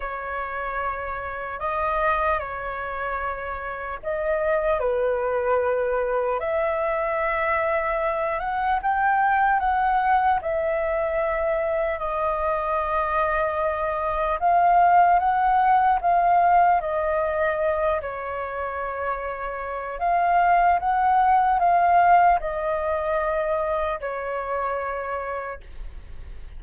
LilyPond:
\new Staff \with { instrumentName = "flute" } { \time 4/4 \tempo 4 = 75 cis''2 dis''4 cis''4~ | cis''4 dis''4 b'2 | e''2~ e''8 fis''8 g''4 | fis''4 e''2 dis''4~ |
dis''2 f''4 fis''4 | f''4 dis''4. cis''4.~ | cis''4 f''4 fis''4 f''4 | dis''2 cis''2 | }